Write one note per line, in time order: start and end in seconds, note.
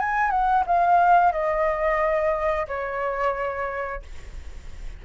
0.00 0.31 G#5
0.31 0.64 F#5
0.66 1.32 F5
1.32 2.67 D#5
2.68 4.03 C#5